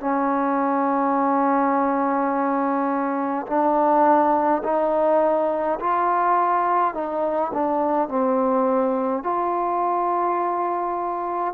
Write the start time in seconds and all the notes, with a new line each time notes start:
0.00 C#4
3.47 D4
4.64 D#4
5.80 F4
6.94 D#4
7.53 D4
8.09 C4
9.24 F4